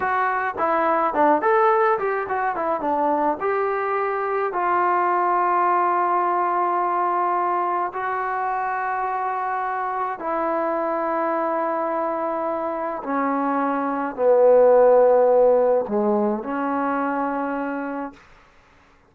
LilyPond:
\new Staff \with { instrumentName = "trombone" } { \time 4/4 \tempo 4 = 106 fis'4 e'4 d'8 a'4 g'8 | fis'8 e'8 d'4 g'2 | f'1~ | f'2 fis'2~ |
fis'2 e'2~ | e'2. cis'4~ | cis'4 b2. | gis4 cis'2. | }